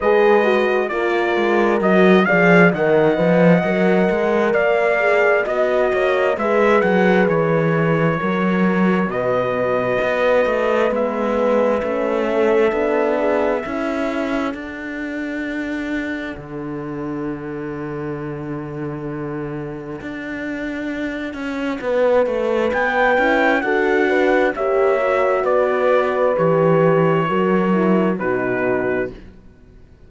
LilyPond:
<<
  \new Staff \with { instrumentName = "trumpet" } { \time 4/4 \tempo 4 = 66 dis''4 d''4 dis''8 f''8 fis''4~ | fis''4 f''4 dis''4 e''8 fis''8 | cis''2 dis''2 | e''1 |
fis''1~ | fis''1~ | fis''4 g''4 fis''4 e''4 | d''4 cis''2 b'4 | }
  \new Staff \with { instrumentName = "horn" } { \time 4/4 b'4 ais'4. d''8 dis''4~ | dis''4 d''4 dis''8 cis''8 b'4~ | b'4 ais'4 b'2~ | b'4. a'4 gis'8 a'4~ |
a'1~ | a'1 | b'2 a'8 b'8 cis''4 | b'2 ais'4 fis'4 | }
  \new Staff \with { instrumentName = "horn" } { \time 4/4 gis'8 fis'8 f'4 fis'8 gis'8 ais'8 b'8 | ais'4. gis'8 fis'4 gis'4~ | gis'4 fis'2. | b4 cis'4 d'4 e'4 |
d'1~ | d'1~ | d'4. e'8 fis'4 g'8 fis'8~ | fis'4 g'4 fis'8 e'8 dis'4 | }
  \new Staff \with { instrumentName = "cello" } { \time 4/4 gis4 ais8 gis8 fis8 f8 dis8 f8 | fis8 gis8 ais4 b8 ais8 gis8 fis8 | e4 fis4 b,4 b8 a8 | gis4 a4 b4 cis'4 |
d'2 d2~ | d2 d'4. cis'8 | b8 a8 b8 cis'8 d'4 ais4 | b4 e4 fis4 b,4 | }
>>